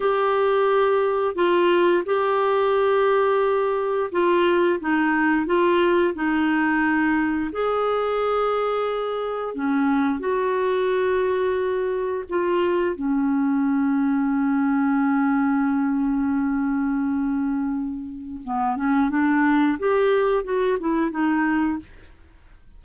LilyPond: \new Staff \with { instrumentName = "clarinet" } { \time 4/4 \tempo 4 = 88 g'2 f'4 g'4~ | g'2 f'4 dis'4 | f'4 dis'2 gis'4~ | gis'2 cis'4 fis'4~ |
fis'2 f'4 cis'4~ | cis'1~ | cis'2. b8 cis'8 | d'4 g'4 fis'8 e'8 dis'4 | }